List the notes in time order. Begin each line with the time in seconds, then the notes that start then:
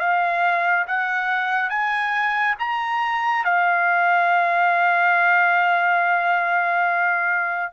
0.00 F5
0.87 F#5
1.69 G#5
2.59 A#5
3.44 F5